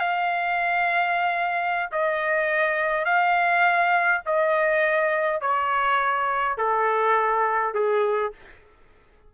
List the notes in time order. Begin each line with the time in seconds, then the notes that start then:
0.00 F5
1.92 D#5
3.05 F5
4.26 D#5
5.41 C#5
6.57 A4
7.74 G#4